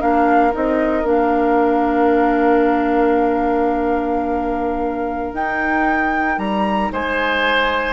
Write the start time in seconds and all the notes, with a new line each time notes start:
0.00 A#3 D4 A#4 F5
0.52 C4 D#4 D#5
1.03 A#3 D4 F5
5.33 D#4 G5
6.38 G3 A#5
6.93 G#3 C5 G#5